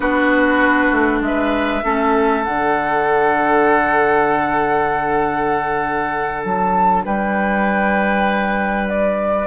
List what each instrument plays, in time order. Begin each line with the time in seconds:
0.00 bassoon B3, clarinet D4, oboe F#4, flute B4
0.91 bassoon A3
1.20 bassoon G#3, flute E5
1.26 oboe B4
1.84 bassoon A3, clarinet C#4, oboe A4
2.43 bassoon D3, clarinet D4, flute F#5
6.43 bassoon F#3, flute A5
7.05 bassoon G3, oboe B4, flute G5
8.89 flute D5